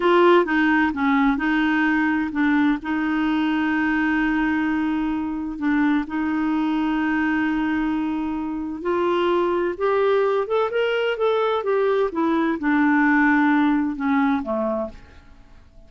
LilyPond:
\new Staff \with { instrumentName = "clarinet" } { \time 4/4 \tempo 4 = 129 f'4 dis'4 cis'4 dis'4~ | dis'4 d'4 dis'2~ | dis'1 | d'4 dis'2.~ |
dis'2. f'4~ | f'4 g'4. a'8 ais'4 | a'4 g'4 e'4 d'4~ | d'2 cis'4 a4 | }